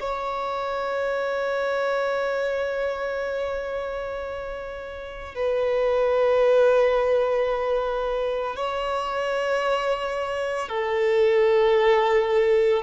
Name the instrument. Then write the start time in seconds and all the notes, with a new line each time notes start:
violin
0.00 C#5
5.35 B4
8.56 C#5
10.69 A4